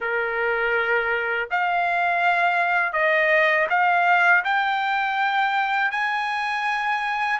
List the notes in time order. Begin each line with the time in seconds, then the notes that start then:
0.00 A#4
1.50 F5
2.93 D#5
3.69 F5
4.44 G5
5.91 G#5